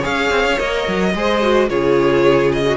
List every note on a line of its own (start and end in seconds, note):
0.00 0.30 C#4
0.00 0.56 G#4
0.00 1.10 C#5
0.00 0.58 F5
0.30 0.44 C4
0.44 0.58 C#4
0.57 0.87 A#3
0.57 1.12 A#4
0.57 1.68 D#5
0.87 1.14 F#3
1.14 1.69 G#3
1.14 1.41 G#4
1.14 1.69 C5
1.41 1.68 F#4
1.68 2.76 C#3
1.68 2.64 F4
1.68 2.76 G#4
1.68 2.51 C#5
2.52 2.76 D#5
2.65 2.76 F#4